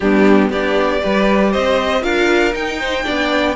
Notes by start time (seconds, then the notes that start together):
0.00 G3 B3 D4 G4
0.50 B3 D4 G4 D5
0.99 G3 G4 B4
1.51 C4 C5 D#5
2.01 D4 F4 A#4 F5
2.53 D#4 G5
2.79 C5
3.03 B3 D4 D5